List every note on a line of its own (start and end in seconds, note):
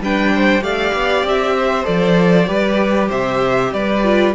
0.00 0.62 G3
0.00 0.62 D4
0.00 0.34 B4
0.00 0.64 G5
0.35 0.64 C5
0.62 0.93 A3
0.62 1.84 G4
0.62 1.57 D5
0.62 1.26 F5
0.94 1.24 B3
1.24 1.86 C4
1.24 1.86 E5
1.58 2.49 C5
1.84 2.48 F3
1.84 2.46 A4
1.84 3.09 D5
2.47 3.10 G3
2.47 4.02 G4
2.47 3.10 B4
3.10 3.73 C3
3.10 3.71 C5
3.10 3.73 E5
3.73 4.35 G3
3.73 4.35 B4
3.73 4.35 D5
4.04 4.35 F4